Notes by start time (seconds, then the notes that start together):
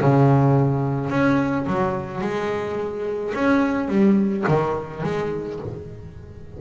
0.00 C#3
1.10 C#4
1.67 F#3
2.21 G#3
3.34 C#4
3.88 G3
4.48 D#3
5.03 G#3